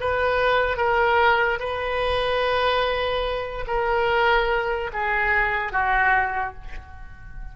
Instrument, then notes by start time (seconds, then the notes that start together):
oboe
0.00 B4
0.77 A#4
1.59 B4
3.67 A#4
4.93 G#4
5.72 F#4